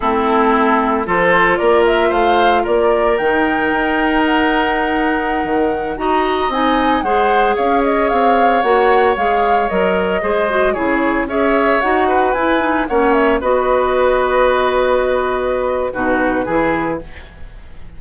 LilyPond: <<
  \new Staff \with { instrumentName = "flute" } { \time 4/4 \tempo 4 = 113 a'2 c''4 d''8 e''8 | f''4 d''4 g''2 | fis''2.~ fis''16 ais''8.~ | ais''16 gis''4 fis''4 f''8 dis''8 f''8.~ |
f''16 fis''4 f''4 dis''4.~ dis''16~ | dis''16 cis''4 e''4 fis''4 gis''8.~ | gis''16 fis''8 e''8 dis''2~ dis''8.~ | dis''2 b'2 | }
  \new Staff \with { instrumentName = "oboe" } { \time 4/4 e'2 a'4 ais'4 | c''4 ais'2.~ | ais'2.~ ais'16 dis''8.~ | dis''4~ dis''16 c''4 cis''4.~ cis''16~ |
cis''2.~ cis''16 c''8.~ | c''16 gis'4 cis''4. b'4~ b'16~ | b'16 cis''4 b'2~ b'8.~ | b'2 fis'4 gis'4 | }
  \new Staff \with { instrumentName = "clarinet" } { \time 4/4 c'2 f'2~ | f'2 dis'2~ | dis'2.~ dis'16 fis'8.~ | fis'16 dis'4 gis'2~ gis'8.~ |
gis'16 fis'4 gis'4 ais'4 gis'8 fis'16~ | fis'16 e'4 gis'4 fis'4 e'8 dis'16~ | dis'16 cis'4 fis'2~ fis'8.~ | fis'2 dis'4 e'4 | }
  \new Staff \with { instrumentName = "bassoon" } { \time 4/4 a2 f4 ais4 | a4 ais4 dis4 dis'4~ | dis'2~ dis'16 dis4 dis'8.~ | dis'16 c'4 gis4 cis'4 c'8.~ |
c'16 ais4 gis4 fis4 gis8.~ | gis16 cis4 cis'4 dis'4 e'8.~ | e'16 ais4 b2~ b8.~ | b2 b,4 e4 | }
>>